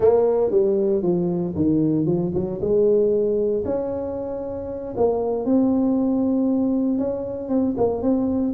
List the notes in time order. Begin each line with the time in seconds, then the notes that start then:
0.00 A#3
0.50 G3
1.02 F3
1.55 D#3
2.05 F3
2.34 F#3
2.60 G#3
3.65 C#4
4.96 A#3
5.45 C4
6.98 C#4
7.49 C4
7.77 A#3
8.01 C4